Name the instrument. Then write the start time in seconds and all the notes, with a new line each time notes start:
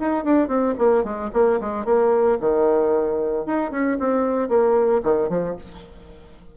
bassoon
0.00 D#4
0.25 D4
0.48 C4
0.79 A#3
1.04 G#3
1.34 A#3
1.61 G#3
1.86 A#3
2.41 D#3
3.46 D#4
3.72 C#4
4.00 C4
4.49 A#3
5.04 D#3
5.29 F3